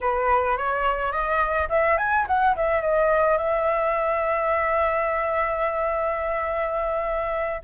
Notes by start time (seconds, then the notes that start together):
0.00 B4
0.57 C#5
1.12 D#5
1.69 E5
1.97 G#5
2.27 F#5
2.56 E5
2.81 D#5
3.37 E5